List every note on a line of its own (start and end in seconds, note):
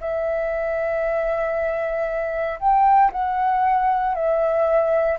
0.00 2.59 E5
2.59 3.11 G5
3.11 4.14 F#5
4.14 5.18 E5